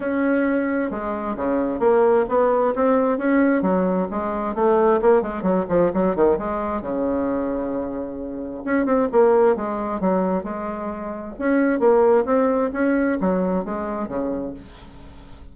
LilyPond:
\new Staff \with { instrumentName = "bassoon" } { \time 4/4 \tempo 4 = 132 cis'2 gis4 cis4 | ais4 b4 c'4 cis'4 | fis4 gis4 a4 ais8 gis8 | fis8 f8 fis8 dis8 gis4 cis4~ |
cis2. cis'8 c'8 | ais4 gis4 fis4 gis4~ | gis4 cis'4 ais4 c'4 | cis'4 fis4 gis4 cis4 | }